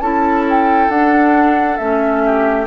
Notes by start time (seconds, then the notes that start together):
0.00 C#4 E4 A4 A5
0.49 G5
0.89 D4 F#5
1.77 A3 C#4 E5
2.25 G4